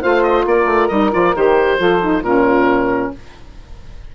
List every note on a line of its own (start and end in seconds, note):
0.00 0.45 A3
0.00 0.90 F4
0.00 0.44 C5
0.00 0.22 F5
0.22 0.44 D#5
0.45 0.65 A#3
0.45 1.78 A#4
0.45 0.88 D5
0.65 0.87 A3
0.88 1.12 G3
0.88 1.12 D#4
0.88 1.10 D#5
1.12 1.34 F3
1.12 1.34 F4
1.12 1.35 D5
1.34 1.79 D#3
1.34 1.78 G4
1.34 2.23 C5
1.78 2.21 F3
1.78 2.00 F4
1.78 2.21 A4
2.01 2.23 D#4
2.21 3.10 A#2
2.21 3.15 C#4
2.21 3.10 F4
2.21 3.12 A#4